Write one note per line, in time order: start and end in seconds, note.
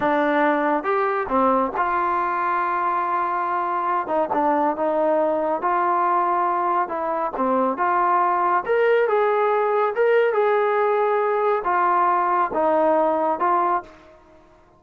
0.00 0.83 D4
0.83 1.26 G4
1.28 1.71 C4
1.77 4.07 F4
4.07 4.29 D#4
4.33 4.76 D4
4.76 5.61 D#4
5.61 6.88 F4
6.88 7.31 E4
7.36 7.77 C4
7.77 8.63 F4
8.65 9.07 A#4
9.07 9.94 G#4
9.95 10.33 A#4
10.33 11.62 G#4
11.64 12.50 F4
12.53 13.39 D#4
13.39 13.82 F4